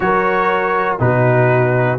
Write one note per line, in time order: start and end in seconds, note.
0.00 0.98 F#3
0.00 0.99 F#4
0.00 1.02 A#4
0.00 0.97 C#5
0.99 1.98 B2
0.99 1.98 D#4
0.99 1.98 F#4
0.99 1.98 B4